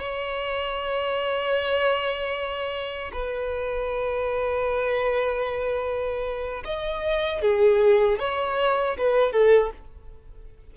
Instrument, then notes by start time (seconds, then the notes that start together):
violin
0.00 C#5
3.13 B4
6.65 D#5
7.42 G#4
8.20 C#5
8.99 B4
9.33 A4